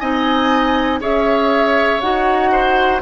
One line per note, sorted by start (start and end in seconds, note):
0.00 1.01 C4
0.00 1.01 D#4
0.00 1.00 D#5
0.00 1.00 G#5
1.01 2.01 C#4
1.01 2.01 G#4
1.01 2.51 C#5
1.01 2.01 E5
2.01 3.02 D#4
2.01 3.02 F#4
2.01 3.01 F#5
2.52 3.02 C5